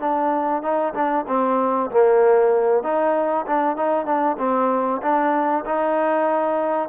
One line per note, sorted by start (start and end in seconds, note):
0.00 0.62 D4
0.62 0.94 D#4
0.94 1.25 D4
1.28 1.90 C4
1.91 2.83 A#3
2.83 3.46 D#4
3.46 3.76 D4
3.76 4.06 D#4
4.06 4.37 D4
4.39 5.01 C4
5.02 5.64 D4
5.65 6.89 D#4